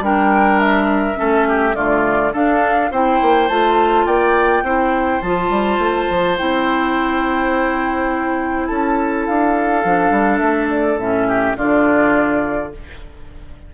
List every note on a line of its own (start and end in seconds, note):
0.00 1.15 G3
0.00 1.15 D4
0.00 1.19 A#4
0.00 0.59 G5
0.59 1.75 E5
1.15 1.75 A3
1.15 1.73 C#4
1.15 1.47 A4
1.48 1.76 G4
1.74 2.33 D3
1.74 2.32 A3
1.74 2.33 F4
1.74 2.33 D5
2.33 2.91 D4
2.33 2.90 A4
2.33 2.92 F5
2.91 3.20 C4
2.91 3.49 E4
2.91 4.06 C5
2.91 3.48 G5
3.21 3.50 A#3
3.48 4.06 A3
3.48 4.64 F4
3.48 4.06 A5
4.06 4.62 A#3
4.06 4.63 D5
4.06 5.21 G5
4.62 5.20 C4
4.62 5.22 E4
4.62 8.68 C5
5.21 5.50 F3
5.21 6.37 F4
5.21 6.36 A5
5.50 5.78 G3
5.78 6.07 A3
6.10 6.38 F3
6.37 8.70 C4
6.37 9.83 E4
6.37 8.66 G5
8.66 9.28 C#4
8.66 11.27 A4
8.66 9.24 A5
9.26 9.84 D4
9.26 10.38 F5
9.84 10.10 F3
9.84 10.99 D4
10.10 10.39 G3
10.38 10.97 A3
10.38 10.67 E5
10.70 10.99 D5
10.97 11.54 A2
10.97 11.57 C#4
10.97 11.57 E5
11.27 11.56 G4
11.57 12.74 D3
11.57 12.72 D4
11.57 12.72 F4
11.57 12.72 D5